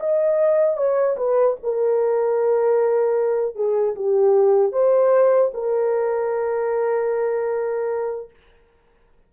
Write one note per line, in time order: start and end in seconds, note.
0.00 0.77 D#5
0.77 1.17 C#5
1.17 1.57 B4
1.63 3.56 A#4
3.56 3.95 G#4
3.96 4.73 G4
4.73 5.52 C5
5.54 8.30 A#4